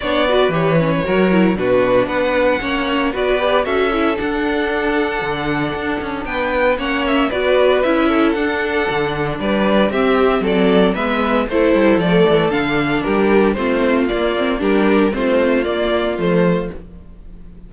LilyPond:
<<
  \new Staff \with { instrumentName = "violin" } { \time 4/4 \tempo 4 = 115 d''4 cis''2 b'4 | fis''2 d''4 e''4 | fis''1 | g''4 fis''8 e''8 d''4 e''4 |
fis''2 d''4 e''4 | d''4 e''4 c''4 d''4 | f''4 ais'4 c''4 d''4 | ais'4 c''4 d''4 c''4 | }
  \new Staff \with { instrumentName = "violin" } { \time 4/4 cis''8 b'4. ais'4 fis'4 | b'4 cis''4 b'4 a'4~ | a'1 | b'4 cis''4 b'4. a'8~ |
a'2 b'4 g'4 | a'4 b'4 a'2~ | a'4 g'4 f'2 | g'4 f'2. | }
  \new Staff \with { instrumentName = "viola" } { \time 4/4 d'8 fis'8 g'8 cis'8 fis'8 e'8 d'4~ | d'4 cis'4 fis'8 g'8 fis'8 e'8 | d'1~ | d'4 cis'4 fis'4 e'4 |
d'2. c'4~ | c'4 b4 e'4 a4 | d'2 c'4 ais8 c'8 | d'4 c'4 ais4 a4 | }
  \new Staff \with { instrumentName = "cello" } { \time 4/4 b4 e4 fis4 b,4 | b4 ais4 b4 cis'4 | d'2 d4 d'8 cis'8 | b4 ais4 b4 cis'4 |
d'4 d4 g4 c'4 | fis4 gis4 a8 g8 f8 e8 | d4 g4 a4 ais4 | g4 a4 ais4 f4 | }
>>